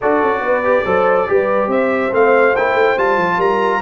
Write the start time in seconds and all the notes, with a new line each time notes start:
0.01 D4 F#4 A4 D5
0.22 C#4
0.40 B3 B4
0.64 G4
0.85 F#3 A4 C5
1.27 G3 G4 B4
1.67 C4 C5 E5
2.11 A3 C4 F5
2.55 A#3 E4 G5
2.74 A3
2.97 G3 F4 A5
3.17 F3
3.37 G3 A#4 A#5